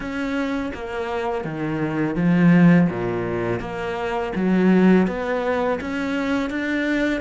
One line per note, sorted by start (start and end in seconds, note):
0.00 0.72 C#4
0.74 1.44 A#3
1.44 2.15 D#3
2.15 2.88 F3
2.89 3.60 A#2
3.60 4.32 A#3
4.35 5.07 F#3
5.07 5.79 B3
5.80 6.50 C#4
6.50 7.20 D4